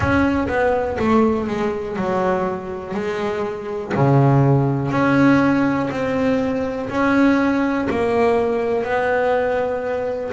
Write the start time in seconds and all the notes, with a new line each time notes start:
0.00 C#4
0.48 B3
0.98 A3
1.48 G#3
1.96 F#3
2.94 G#3
3.94 C#3
4.91 C#4
5.91 C4
6.89 C#4
7.90 A#3
8.83 B3